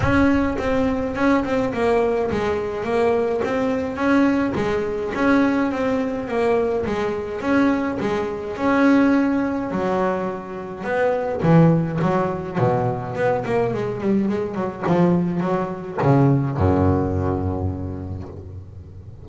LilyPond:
\new Staff \with { instrumentName = "double bass" } { \time 4/4 \tempo 4 = 105 cis'4 c'4 cis'8 c'8 ais4 | gis4 ais4 c'4 cis'4 | gis4 cis'4 c'4 ais4 | gis4 cis'4 gis4 cis'4~ |
cis'4 fis2 b4 | e4 fis4 b,4 b8 ais8 | gis8 g8 gis8 fis8 f4 fis4 | cis4 fis,2. | }